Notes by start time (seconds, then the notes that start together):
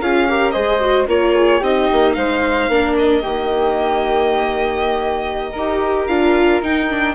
0.00 C#4 F4 G#4 F5
0.28 G4 A#4
0.51 G#3 G#4 C5 D#5
0.80 F#4
1.07 A#3 F4 A#4 C#5
1.35 G#4
1.60 C4 D#4 G4 D#5
1.92 A#3
2.14 G#3 C5 F5
2.68 A#3 D4 A#4
2.97 D#5
3.22 D#3 A#3 G4
5.51 D#4 A#4
5.58 G4
6.07 D4 F4 F5
6.62 D#4 G5
6.89 D4